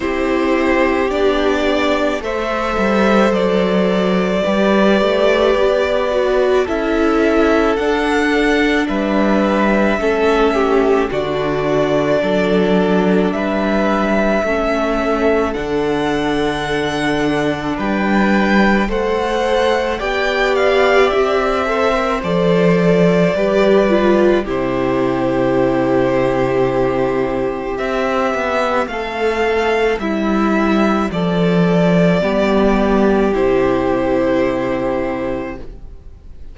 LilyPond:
<<
  \new Staff \with { instrumentName = "violin" } { \time 4/4 \tempo 4 = 54 c''4 d''4 e''4 d''4~ | d''2 e''4 fis''4 | e''2 d''2 | e''2 fis''2 |
g''4 fis''4 g''8 f''8 e''4 | d''2 c''2~ | c''4 e''4 f''4 e''4 | d''2 c''2 | }
  \new Staff \with { instrumentName = "violin" } { \time 4/4 g'2 c''2 | b'2 a'2 | b'4 a'8 g'8 fis'4 a'4 | b'4 a'2. |
b'4 c''4 d''4. c''8~ | c''4 b'4 g'2~ | g'2 a'4 e'4 | a'4 g'2. | }
  \new Staff \with { instrumentName = "viola" } { \time 4/4 e'4 d'4 a'2 | g'4. fis'8 e'4 d'4~ | d'4 cis'4 d'2~ | d'4 cis'4 d'2~ |
d'4 a'4 g'4. a'16 ais'16 | a'4 g'8 f'8 e'2~ | e'4 c'2.~ | c'4 b4 e'2 | }
  \new Staff \with { instrumentName = "cello" } { \time 4/4 c'4 b4 a8 g8 fis4 | g8 a8 b4 cis'4 d'4 | g4 a4 d4 fis4 | g4 a4 d2 |
g4 a4 b4 c'4 | f4 g4 c2~ | c4 c'8 b8 a4 g4 | f4 g4 c2 | }
>>